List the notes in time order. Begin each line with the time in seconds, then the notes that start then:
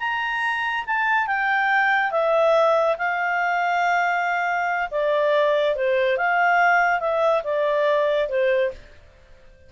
0.00 A#5
0.87 A5
1.27 G5
2.12 E5
2.98 F5
4.91 D5
5.76 C5
6.18 F5
7.00 E5
7.44 D5
8.29 C5